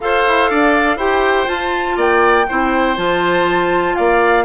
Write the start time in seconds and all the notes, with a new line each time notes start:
0.00 F4 A4 C5 F5
0.27 E4
0.50 D4 D5
0.96 E4 G4 C5 G5
1.46 F4 A5
1.96 A#3 D5 G5
2.48 C4 E4 C5
2.96 F3 F4 A5
3.95 A#3 D5 F5